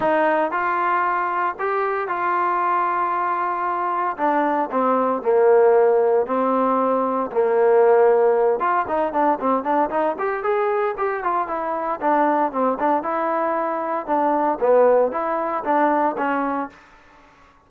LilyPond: \new Staff \with { instrumentName = "trombone" } { \time 4/4 \tempo 4 = 115 dis'4 f'2 g'4 | f'1 | d'4 c'4 ais2 | c'2 ais2~ |
ais8 f'8 dis'8 d'8 c'8 d'8 dis'8 g'8 | gis'4 g'8 f'8 e'4 d'4 | c'8 d'8 e'2 d'4 | b4 e'4 d'4 cis'4 | }